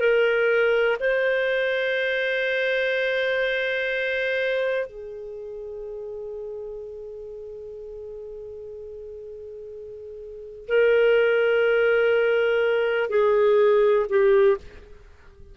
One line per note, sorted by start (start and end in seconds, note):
0.00 0.97 A#4
1.00 4.87 C5
4.87 10.67 G#4
10.68 13.10 A#4
13.10 14.06 G#4
14.09 14.57 G4